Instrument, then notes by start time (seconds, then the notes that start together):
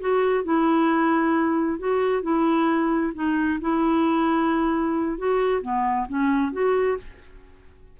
clarinet
0.00 F#4
0.44 E4
1.79 F#4
2.22 E4
3.14 D#4
3.61 E4
5.18 F#4
5.61 B3
6.08 C#4
6.52 F#4